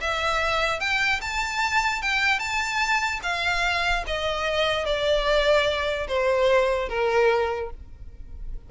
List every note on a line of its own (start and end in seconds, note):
0.00 0.80 E5
0.80 1.20 G5
1.21 2.02 A5
2.02 2.39 G5
2.39 3.20 A5
3.23 4.04 F5
4.06 4.85 D#5
4.85 6.07 D5
6.07 6.88 C5
6.88 7.70 A#4